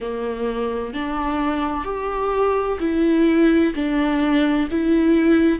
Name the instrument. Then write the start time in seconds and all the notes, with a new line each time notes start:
viola
0.00 A#3
0.93 D4
1.84 G4
2.80 E4
3.75 D4
4.70 E4